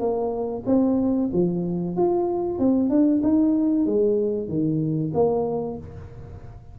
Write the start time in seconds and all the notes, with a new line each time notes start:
0.00 A#3
0.66 C4
1.33 F3
1.97 F4
2.59 C4
2.90 D4
3.24 D#4
3.86 G#3
4.49 D#3
5.14 A#3